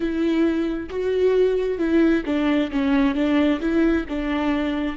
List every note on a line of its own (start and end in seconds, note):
0.00 0.89 E4
0.89 1.78 F#4
1.78 2.23 E4
2.25 2.70 D4
2.71 3.15 C#4
3.15 3.60 D4
3.60 4.05 E4
4.08 4.96 D4